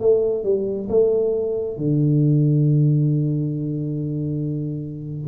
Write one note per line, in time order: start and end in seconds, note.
0.00 0.44 A3
0.44 0.88 G3
0.89 1.77 A3
1.77 5.27 D3